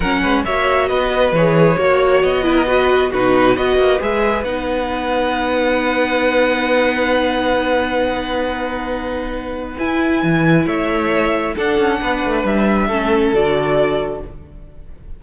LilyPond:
<<
  \new Staff \with { instrumentName = "violin" } { \time 4/4 \tempo 4 = 135 fis''4 e''4 dis''4 cis''4~ | cis''4 dis''2 b'4 | dis''4 e''4 fis''2~ | fis''1~ |
fis''1~ | fis''2 gis''2 | e''2 fis''2 | e''2 d''2 | }
  \new Staff \with { instrumentName = "violin" } { \time 4/4 ais'8 b'8 cis''4 b'2 | cis''4. b'16 ais'16 b'4 fis'4 | b'1~ | b'1~ |
b'1~ | b'1 | cis''2 a'4 b'4~ | b'4 a'2. | }
  \new Staff \with { instrumentName = "viola" } { \time 4/4 cis'4 fis'2 gis'4 | fis'4. e'8 fis'4 dis'4 | fis'4 gis'4 dis'2~ | dis'1~ |
dis'1~ | dis'2 e'2~ | e'2 d'2~ | d'4 cis'4 fis'2 | }
  \new Staff \with { instrumentName = "cello" } { \time 4/4 fis8 gis8 ais4 b4 e4 | ais4 b2 b,4 | b8 ais8 gis4 b2~ | b1~ |
b1~ | b2 e'4 e4 | a2 d'8 cis'8 b8 a8 | g4 a4 d2 | }
>>